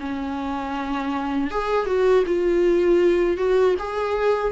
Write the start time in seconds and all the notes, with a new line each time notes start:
0.00 C#4
1.51 G#4
1.86 F#4
2.27 F4
3.38 F#4
3.79 G#4